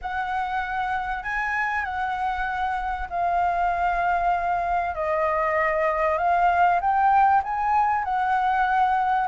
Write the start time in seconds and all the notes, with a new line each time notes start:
0.01 F#5
1.23 G#5
1.84 F#5
3.09 F5
4.95 D#5
6.18 F5
6.80 G5
7.43 G#5
8.04 F#5